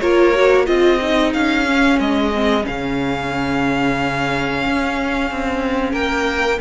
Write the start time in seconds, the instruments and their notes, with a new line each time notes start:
0.00 cello A#3, viola F4, violin A#4 C#5
0.35 viola F#4
0.66 cello C4, viola F4, violin G#4 D#5
1.02 viola D#4
1.33 cello C#4, violin F5
1.66 viola C#4
1.99 cello G#3, violin D#5
2.35 viola C4
2.62 viola C#4, violin F5
2.68 cello C#3
4.66 cello C#4
5.31 cello C4
5.93 cello A#3, violin A#4 G5